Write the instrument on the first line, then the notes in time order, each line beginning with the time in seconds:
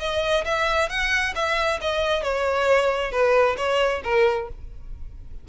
violin
0.00 D#5
0.45 E5
0.90 F#5
1.36 E5
1.82 D#5
2.23 C#5
3.12 B4
3.58 C#5
4.04 A#4